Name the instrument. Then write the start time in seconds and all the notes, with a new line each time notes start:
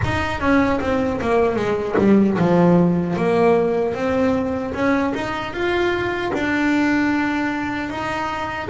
double bass
0.04 D#4
0.40 C#4
0.80 C4
1.21 A#3
1.55 G#3
1.98 G3
2.38 F3
3.16 A#3
3.94 C4
4.74 C#4
5.14 D#4
5.53 F4
6.33 D4
7.89 D#4